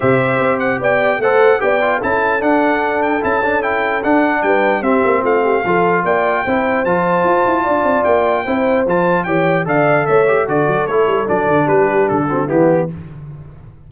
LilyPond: <<
  \new Staff \with { instrumentName = "trumpet" } { \time 4/4 \tempo 4 = 149 e''4. fis''8 g''4 fis''4 | g''4 a''4 fis''4. g''8 | a''4 g''4 fis''4 g''4 | e''4 f''2 g''4~ |
g''4 a''2. | g''2 a''4 g''4 | f''4 e''4 d''4 cis''4 | d''4 b'4 a'4 g'4 | }
  \new Staff \with { instrumentName = "horn" } { \time 4/4 c''2 d''4 c''4 | d''4 a'2.~ | a'2. b'4 | g'4 f'8 g'8 a'4 d''4 |
c''2. d''4~ | d''4 c''2 cis''4 | d''4 cis''4 a'2~ | a'4 g'4. fis'8 e'4 | }
  \new Staff \with { instrumentName = "trombone" } { \time 4/4 g'2. a'4 | g'8 f'8 e'4 d'2 | e'8 d'8 e'4 d'2 | c'2 f'2 |
e'4 f'2.~ | f'4 e'4 f'4 g'4 | a'4. g'8 fis'4 e'4 | d'2~ d'8 c'8 b4 | }
  \new Staff \with { instrumentName = "tuba" } { \time 4/4 c4 c'4 b4 a4 | b4 cis'4 d'2 | cis'2 d'4 g4 | c'8 ais8 a4 f4 ais4 |
c'4 f4 f'8 e'8 d'8 c'8 | ais4 c'4 f4 e4 | d4 a4 d8 fis8 a8 g8 | fis8 d8 g4 d4 e4 | }
>>